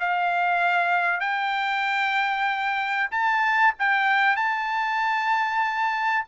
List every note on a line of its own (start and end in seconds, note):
0.00 1.21 F5
1.21 3.10 G5
3.11 3.75 A5
3.79 4.37 G5
4.37 6.26 A5